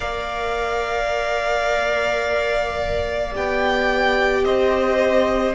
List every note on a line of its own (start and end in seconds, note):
0.00 3.34 A#3
0.00 3.32 A#4
0.00 4.44 D5
0.00 3.33 F5
3.32 4.45 B3
3.32 5.54 G4
3.32 4.44 G5
4.44 5.54 C4
4.44 5.54 C5
4.44 5.54 D#5